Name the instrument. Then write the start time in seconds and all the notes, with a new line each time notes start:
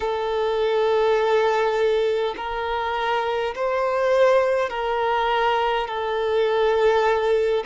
violin
0.00 A4
2.36 A#4
3.55 C5
4.70 A#4
5.87 A4